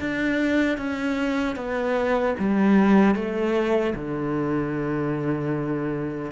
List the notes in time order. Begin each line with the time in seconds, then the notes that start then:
0.00 D4
0.78 C#4
1.56 B3
2.39 G3
3.15 A3
3.95 D3